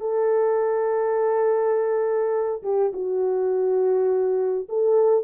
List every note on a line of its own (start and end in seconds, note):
0.00 2.62 A4
2.63 2.92 G4
2.93 4.68 F#4
4.69 5.24 A4